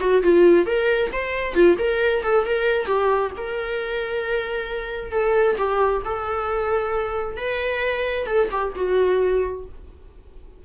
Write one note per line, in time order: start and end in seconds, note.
0.00 0.22 F#4
0.22 0.66 F4
0.66 1.11 A#4
1.12 1.54 C5
1.54 1.76 F4
1.78 2.23 A#4
2.23 2.45 A4
2.45 2.86 A#4
2.86 3.31 G4
3.37 5.12 A#4
5.12 5.56 A4
5.57 6.02 G4
6.05 7.37 A4
7.37 8.26 B4
8.26 8.49 A4
8.51 8.73 G4
8.75 9.65 F#4